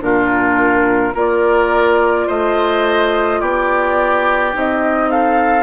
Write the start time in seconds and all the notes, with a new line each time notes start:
0.00 A#2 D4 F4 A#4
1.14 A#3 F4 A#4 D5
2.28 A3 C5 D#5
3.41 B3 G4 D5
4.53 C4 D#4 D#5
5.11 A4 F5